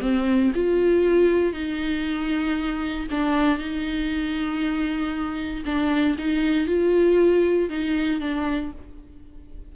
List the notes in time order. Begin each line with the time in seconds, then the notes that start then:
0.00 C4
0.54 F4
1.53 D#4
3.10 D4
3.58 D#4
5.65 D4
6.18 D#4
6.67 F4
7.69 D#4
8.20 D4